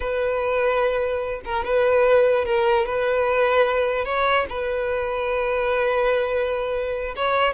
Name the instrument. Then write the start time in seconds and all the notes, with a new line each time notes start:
violin
0.00 B4
1.44 A#4
1.64 B4
2.45 A#4
2.86 B4
4.05 C#5
4.49 B4
7.16 C#5